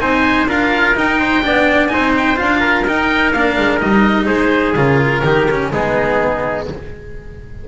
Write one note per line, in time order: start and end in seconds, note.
0.00 0.48 C4
0.00 0.48 D#4
0.00 0.49 C5
0.00 0.48 G#5
0.48 0.95 D4
0.48 0.96 F4
0.48 1.20 A#4
0.48 0.97 F5
0.96 1.43 D#4
0.96 1.45 D#4
0.96 1.88 G5
1.20 1.43 C5
1.43 1.93 B3
1.43 1.89 D4
1.43 1.93 D5
1.88 2.36 D#4
1.88 2.60 C5
1.88 2.12 G#5
1.95 2.41 C4
2.17 2.39 G5
2.36 2.88 D4
2.36 2.84 F4
2.36 2.86 F5
2.60 4.26 A#4
2.88 3.35 D#4
2.88 3.33 D#4
2.88 3.33 G5
3.33 3.57 A#3
3.33 3.79 D4
3.33 3.80 F5
3.58 3.82 G#3
3.79 4.29 G3
3.79 4.75 D#4
3.79 4.26 D#5
4.26 4.75 G#3
4.26 5.21 G#4
4.26 4.74 C5
4.75 5.23 C#3
4.75 5.24 F4
4.75 5.72 A#4
5.24 5.72 D#3
5.24 5.48 D#4
5.24 5.73 G4
5.51 5.73 C#4
5.73 6.68 G#3
5.73 6.69 B3
5.73 6.68 D#4
5.73 6.68 G#4